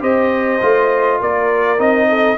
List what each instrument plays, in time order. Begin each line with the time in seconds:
0.00 tuba C4, trombone G4, horn C5, trumpet D#5
0.62 tuba A3, trombone F4
1.20 tuba A#3, horn A#4, trumpet D5
1.79 tuba C4, trombone D#4, trumpet D#5
2.09 horn A4